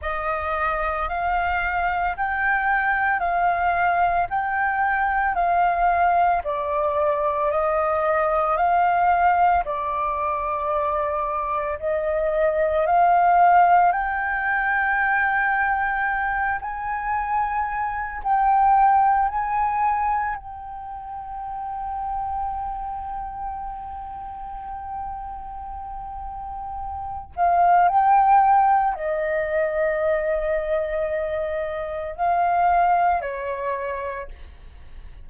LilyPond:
\new Staff \with { instrumentName = "flute" } { \time 4/4 \tempo 4 = 56 dis''4 f''4 g''4 f''4 | g''4 f''4 d''4 dis''4 | f''4 d''2 dis''4 | f''4 g''2~ g''8 gis''8~ |
gis''4 g''4 gis''4 g''4~ | g''1~ | g''4. f''8 g''4 dis''4~ | dis''2 f''4 cis''4 | }